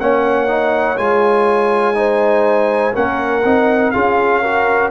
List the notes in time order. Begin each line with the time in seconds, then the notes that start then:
0.00 A#3 C#4 C#5 F#5
0.48 D#4
0.98 G#3 F4 G#5
1.94 D#4 C5
2.93 A#3 C#4 A#4 F#5
3.44 C4 D#4
3.91 C#4 F4 G#4 F5
4.42 F#4 A#4